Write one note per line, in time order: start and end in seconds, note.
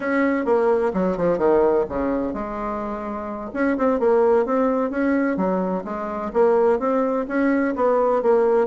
0.00 0.45 C#4
0.45 0.91 A#3
0.93 1.17 F#3
1.17 1.38 F3
1.38 1.85 D#3
1.88 2.33 C#3
2.33 3.50 G#3
3.53 3.77 C#4
3.77 3.99 C4
3.99 4.45 A#3
4.45 4.90 C4
4.90 5.36 C#4
5.36 5.83 F#3
5.84 6.31 G#3
6.33 6.79 A#3
6.79 7.26 C4
7.28 7.75 C#4
7.75 8.22 B3
8.22 8.67 A#3